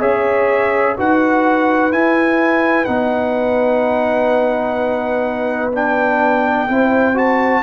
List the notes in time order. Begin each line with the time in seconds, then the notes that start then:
0.00 C#4 G#4 C#5 E5
0.97 D#4 F#4 B4 F#5
1.91 E4 G#5
2.85 B3 D#4 F#5
5.72 D4 G5
6.68 C4 E4 C5
7.15 F#4 A5